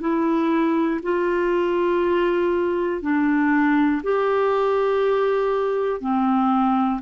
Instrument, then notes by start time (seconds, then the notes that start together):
clarinet
0.00 E4
1.02 F4
3.02 D4
4.03 G4
6.01 C4